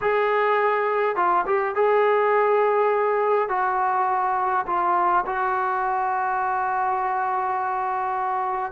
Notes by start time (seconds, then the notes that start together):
0.01 G#4
1.15 F4
1.46 G4
1.75 G#4
3.48 F#4
4.66 F4
5.26 F#4